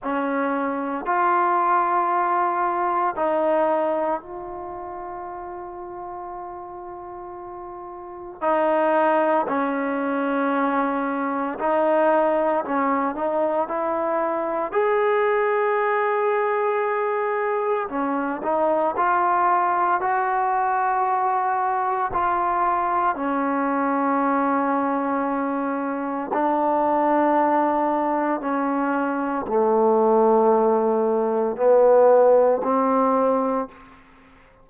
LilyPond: \new Staff \with { instrumentName = "trombone" } { \time 4/4 \tempo 4 = 57 cis'4 f'2 dis'4 | f'1 | dis'4 cis'2 dis'4 | cis'8 dis'8 e'4 gis'2~ |
gis'4 cis'8 dis'8 f'4 fis'4~ | fis'4 f'4 cis'2~ | cis'4 d'2 cis'4 | a2 b4 c'4 | }